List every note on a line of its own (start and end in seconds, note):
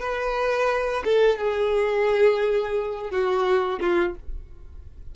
0.00 1.03 B4
1.05 1.38 A4
1.38 3.11 G#4
3.11 3.80 F#4
3.81 4.15 F4